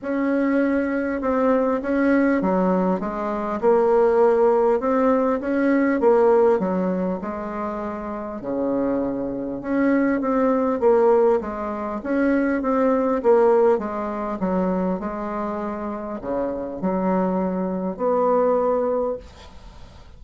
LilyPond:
\new Staff \with { instrumentName = "bassoon" } { \time 4/4 \tempo 4 = 100 cis'2 c'4 cis'4 | fis4 gis4 ais2 | c'4 cis'4 ais4 fis4 | gis2 cis2 |
cis'4 c'4 ais4 gis4 | cis'4 c'4 ais4 gis4 | fis4 gis2 cis4 | fis2 b2 | }